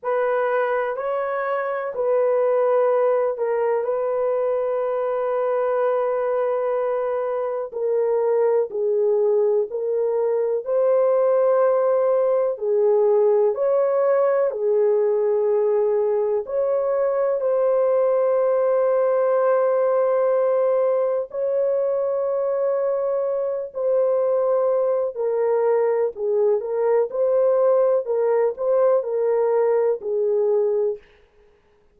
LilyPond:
\new Staff \with { instrumentName = "horn" } { \time 4/4 \tempo 4 = 62 b'4 cis''4 b'4. ais'8 | b'1 | ais'4 gis'4 ais'4 c''4~ | c''4 gis'4 cis''4 gis'4~ |
gis'4 cis''4 c''2~ | c''2 cis''2~ | cis''8 c''4. ais'4 gis'8 ais'8 | c''4 ais'8 c''8 ais'4 gis'4 | }